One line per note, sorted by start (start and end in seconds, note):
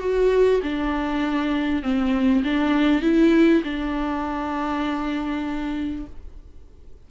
0.00 0.61 F#4
0.63 1.83 D4
1.83 2.43 C4
2.44 3.02 D4
3.02 3.62 E4
3.64 6.06 D4